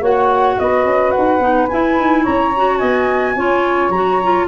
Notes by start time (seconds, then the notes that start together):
0.00 A#3 F#4 C#5 F#5
0.59 B3 B4 D#5
0.85 C#4
1.11 F#5
1.18 D#4
1.39 B3 D#4
1.68 E4 G#5
1.98 D#4
2.22 C#4 C#5 A#5
2.56 F#4
2.77 B3 D#5 G#5
3.35 C#4 F4 C#5
3.89 F#3 F#4 A#5
4.23 F4